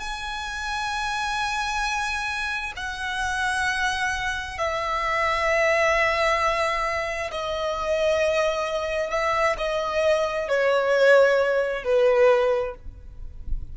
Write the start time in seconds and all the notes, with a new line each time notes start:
0.00 G#5
2.76 F#5
4.58 E5
7.31 D#5
9.11 E5
9.58 D#5
10.48 C#5
11.84 B4